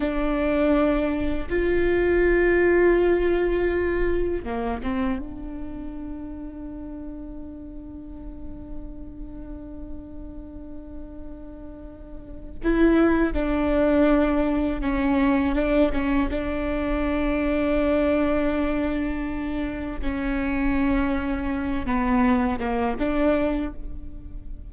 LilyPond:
\new Staff \with { instrumentName = "viola" } { \time 4/4 \tempo 4 = 81 d'2 f'2~ | f'2 ais8 c'8 d'4~ | d'1~ | d'1~ |
d'4 e'4 d'2 | cis'4 d'8 cis'8 d'2~ | d'2. cis'4~ | cis'4. b4 ais8 d'4 | }